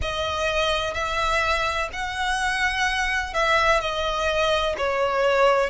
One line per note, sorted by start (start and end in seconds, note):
0.01 0.94 D#5
0.94 1.89 E5
1.92 3.33 F#5
3.33 3.80 E5
3.80 4.75 D#5
4.77 5.69 C#5